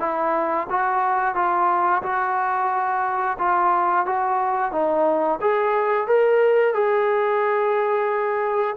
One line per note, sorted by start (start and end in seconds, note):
0.00 0.67 E4
0.70 1.35 F#4
1.35 2.03 F4
2.03 3.38 F#4
3.39 4.06 F4
4.06 4.72 F#4
4.72 5.40 D#4
5.41 6.08 G#4
6.08 6.74 A#4
6.74 8.76 G#4